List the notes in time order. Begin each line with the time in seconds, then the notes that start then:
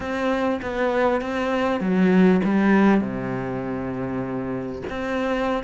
0.00 C4
0.62 B3
1.21 C4
1.80 F#3
2.44 G3
3.00 C3
4.89 C4